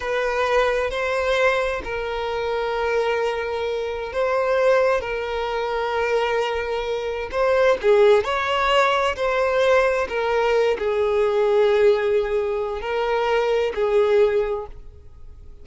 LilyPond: \new Staff \with { instrumentName = "violin" } { \time 4/4 \tempo 4 = 131 b'2 c''2 | ais'1~ | ais'4 c''2 ais'4~ | ais'1 |
c''4 gis'4 cis''2 | c''2 ais'4. gis'8~ | gis'1 | ais'2 gis'2 | }